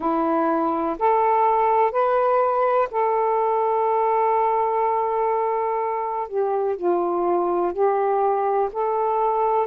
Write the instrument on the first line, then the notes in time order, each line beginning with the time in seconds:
saxophone
0.00 E4
0.99 A4
1.91 B4
2.90 A4
6.28 G4
6.76 F4
7.72 G4
8.72 A4